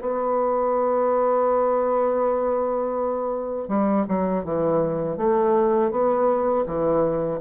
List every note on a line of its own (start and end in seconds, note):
0.00 3.68 B3
3.68 4.05 G3
4.08 4.44 F#3
4.44 5.17 E3
5.17 5.91 A3
5.91 6.65 B3
6.66 7.40 E3